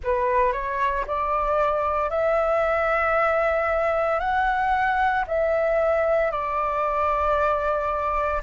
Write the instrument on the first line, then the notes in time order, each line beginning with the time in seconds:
flute
0.03 B4
0.52 C#5
1.07 D5
2.10 E5
4.19 F#5
5.27 E5
6.31 D5